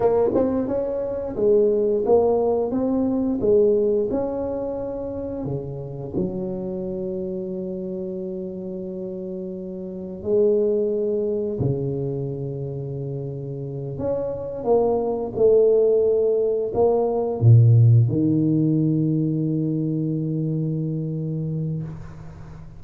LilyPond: \new Staff \with { instrumentName = "tuba" } { \time 4/4 \tempo 4 = 88 ais8 c'8 cis'4 gis4 ais4 | c'4 gis4 cis'2 | cis4 fis2.~ | fis2. gis4~ |
gis4 cis2.~ | cis8 cis'4 ais4 a4.~ | a8 ais4 ais,4 dis4.~ | dis1 | }